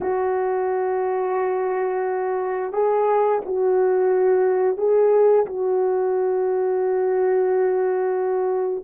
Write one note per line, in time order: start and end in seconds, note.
0.00 2.72 F#4
2.72 3.41 G#4
3.45 4.77 F#4
4.77 5.45 G#4
5.45 8.84 F#4